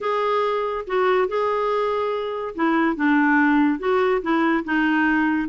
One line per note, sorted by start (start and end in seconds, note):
0.00 0.85 G#4
0.86 1.28 F#4
1.28 2.54 G#4
2.55 2.96 E4
2.96 3.79 D4
3.79 4.21 F#4
4.22 4.64 E4
4.64 5.48 D#4